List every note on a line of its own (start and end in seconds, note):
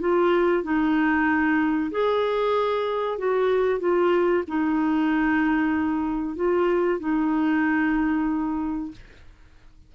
0.00 0.63 F4
0.63 1.91 D#4
1.91 3.18 G#4
3.18 3.80 F#4
3.80 4.44 F4
4.48 6.36 D#4
6.36 7.00 F4
7.00 8.91 D#4